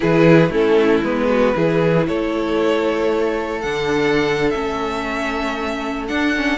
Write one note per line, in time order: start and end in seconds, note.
0.00 0.49 E3
0.00 0.51 E4
0.00 0.50 G#4
0.00 0.51 B4
0.49 1.01 A3
0.49 1.02 C#4
0.49 1.28 E4
0.49 1.03 A4
1.02 1.54 G#3
1.02 1.55 B3
1.02 2.06 B4
1.29 1.55 F#4
1.55 2.07 E3
1.55 3.62 E4
1.55 2.06 G#4
2.06 3.63 A3
2.06 6.58 A4
2.06 3.61 C#5
3.61 4.54 D3
3.61 4.53 D4
3.61 4.50 F#5
4.50 6.09 A3
4.50 6.08 C#4
4.50 6.05 E5
6.07 6.34 D4
6.07 6.58 D4
6.07 6.58 F#5
6.36 6.58 C#4